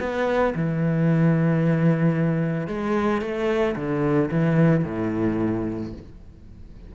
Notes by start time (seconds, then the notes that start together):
0.00 B3
0.55 E3
2.68 G#3
3.22 A3
3.76 D3
4.31 E3
4.85 A2